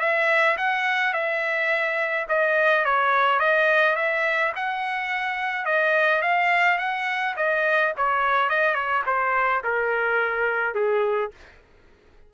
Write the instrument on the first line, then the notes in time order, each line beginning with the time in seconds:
trumpet
0.00 E5
0.57 F#5
1.14 E5
2.28 D#5
2.85 C#5
3.40 D#5
3.96 E5
4.56 F#5
5.65 D#5
6.22 F5
6.78 F#5
7.37 D#5
7.97 C#5
8.50 D#5
8.75 C#5
9.06 C5
9.64 A#4
10.75 G#4